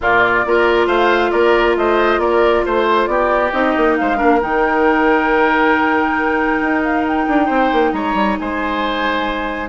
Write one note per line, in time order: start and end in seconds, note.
0.00 0.44 A#2
0.00 0.46 A#3
0.00 0.45 F4
0.00 0.87 D5
0.46 0.86 A#3
0.46 3.52 F4
0.46 0.86 A#4
0.86 1.31 A3
0.86 1.30 C5
0.86 1.31 F5
1.31 1.76 A#3
1.31 1.76 A#4
1.31 1.75 D5
1.76 2.18 A3
1.76 2.20 C5
1.76 2.20 D#5
2.18 2.62 A#3
2.18 2.64 A#4
2.18 2.64 D5
2.65 3.07 A3
2.65 3.09 C5
2.65 3.06 C5
3.06 3.51 B3
3.06 3.98 G4
3.06 3.50 D5
3.51 3.75 C4
3.51 4.17 D#4
3.51 3.95 D#5
3.76 3.98 A#3
3.96 4.21 G#3
3.96 4.17 C5
3.96 4.40 F5
4.17 4.42 A#3
4.17 4.39 D4
4.17 7.45 A#4
4.40 6.61 D#3
4.40 9.68 D#4
4.40 6.83 G5
6.61 7.27 D#4
6.83 7.05 F5
7.07 7.92 G5
7.27 7.49 D4
7.45 7.71 C4
7.45 7.90 C5
7.72 7.92 A#3
7.92 8.14 G#3
7.92 8.38 C#5
7.92 8.36 A#5
8.14 8.36 G3
8.39 9.68 G#3
8.39 9.68 C5
8.39 9.68 G#5